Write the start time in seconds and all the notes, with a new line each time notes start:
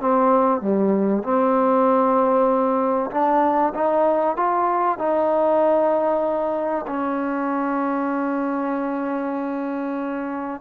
0.00 C4
0.61 G3
1.23 C4
3.11 D4
3.74 D#4
4.36 F4
4.98 D#4
6.87 C#4